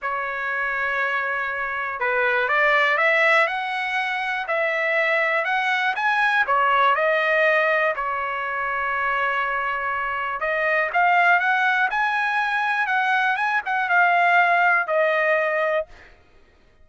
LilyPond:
\new Staff \with { instrumentName = "trumpet" } { \time 4/4 \tempo 4 = 121 cis''1 | b'4 d''4 e''4 fis''4~ | fis''4 e''2 fis''4 | gis''4 cis''4 dis''2 |
cis''1~ | cis''4 dis''4 f''4 fis''4 | gis''2 fis''4 gis''8 fis''8 | f''2 dis''2 | }